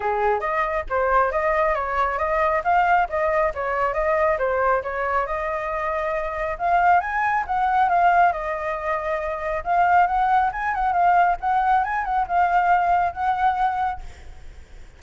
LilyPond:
\new Staff \with { instrumentName = "flute" } { \time 4/4 \tempo 4 = 137 gis'4 dis''4 c''4 dis''4 | cis''4 dis''4 f''4 dis''4 | cis''4 dis''4 c''4 cis''4 | dis''2. f''4 |
gis''4 fis''4 f''4 dis''4~ | dis''2 f''4 fis''4 | gis''8 fis''8 f''4 fis''4 gis''8 fis''8 | f''2 fis''2 | }